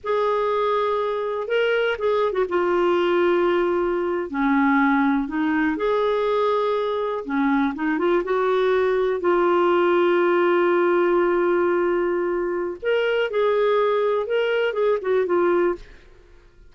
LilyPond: \new Staff \with { instrumentName = "clarinet" } { \time 4/4 \tempo 4 = 122 gis'2. ais'4 | gis'8. fis'16 f'2.~ | f'8. cis'2 dis'4 gis'16~ | gis'2~ gis'8. cis'4 dis'16~ |
dis'16 f'8 fis'2 f'4~ f'16~ | f'1~ | f'2 ais'4 gis'4~ | gis'4 ais'4 gis'8 fis'8 f'4 | }